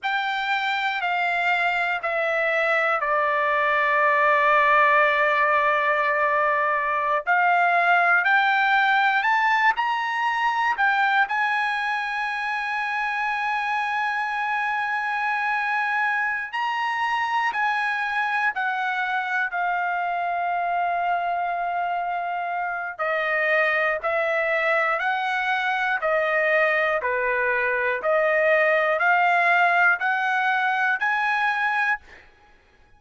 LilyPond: \new Staff \with { instrumentName = "trumpet" } { \time 4/4 \tempo 4 = 60 g''4 f''4 e''4 d''4~ | d''2.~ d''16 f''8.~ | f''16 g''4 a''8 ais''4 g''8 gis''8.~ | gis''1~ |
gis''8 ais''4 gis''4 fis''4 f''8~ | f''2. dis''4 | e''4 fis''4 dis''4 b'4 | dis''4 f''4 fis''4 gis''4 | }